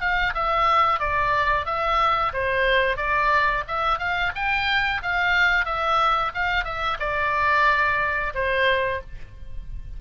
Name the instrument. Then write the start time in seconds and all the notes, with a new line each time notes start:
oboe
0.00 F5
0.34 E5
0.99 D5
1.65 E5
2.33 C5
2.96 D5
3.68 E5
3.98 F5
4.35 G5
5.02 F5
5.65 E5
6.34 F5
6.64 E5
6.99 D5
8.34 C5